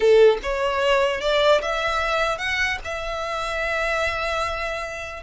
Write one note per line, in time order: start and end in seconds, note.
0.00 0.38 A4
0.42 1.20 C#5
1.20 1.61 D5
1.61 2.38 E5
2.38 2.78 F#5
2.84 5.23 E5